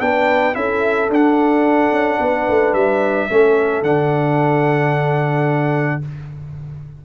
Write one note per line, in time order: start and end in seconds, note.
0.00 0.55 B3
0.00 0.53 D4
0.00 0.56 B4
0.00 0.55 G5
0.53 1.09 C#4
0.53 1.07 E4
0.53 2.20 A4
0.53 1.09 E5
1.09 1.91 D4
1.09 3.29 D4
1.09 2.73 F#5
1.91 2.18 C#4
2.20 2.47 B3
2.20 3.29 B4
2.48 2.73 A3
2.73 3.28 G3
2.73 3.82 E5
3.29 3.82 A3
3.29 3.83 C#4
3.29 6.04 A4
3.82 6.00 D3
3.82 6.01 D4
3.82 6.01 F#5